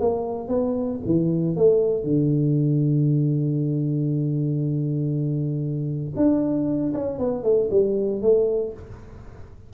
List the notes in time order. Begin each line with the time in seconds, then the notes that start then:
0.00 A#3
0.49 B3
1.06 E3
1.56 A3
2.04 D3
6.16 D4
6.94 C#4
7.19 B3
7.44 A3
7.71 G3
8.22 A3